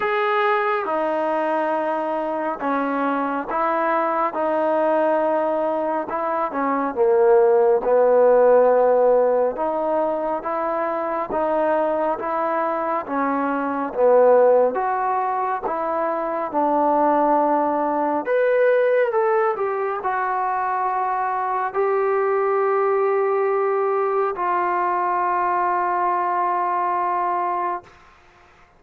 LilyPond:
\new Staff \with { instrumentName = "trombone" } { \time 4/4 \tempo 4 = 69 gis'4 dis'2 cis'4 | e'4 dis'2 e'8 cis'8 | ais4 b2 dis'4 | e'4 dis'4 e'4 cis'4 |
b4 fis'4 e'4 d'4~ | d'4 b'4 a'8 g'8 fis'4~ | fis'4 g'2. | f'1 | }